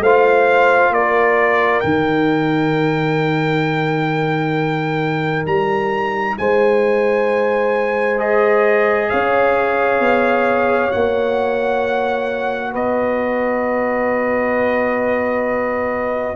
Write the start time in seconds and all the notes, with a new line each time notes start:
0.00 A3 F4 C5 F5
0.90 A#3 A#4 D5
1.80 D#3 D#4 G5
5.46 G3 A#5
6.38 G#3 C5 G#5
8.18 G#4 D#5
9.10 C#4 C#5 F5
10.00 B3
10.91 A#3 F#4 F#5
12.73 B3 B4 D#5